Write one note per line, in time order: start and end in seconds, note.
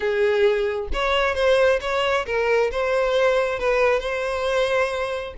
0.00 0.88 G#4
0.93 1.34 C#5
1.34 1.79 C5
1.81 2.25 C#5
2.26 2.70 A#4
2.71 3.59 C5
3.59 3.99 B4
3.99 5.34 C5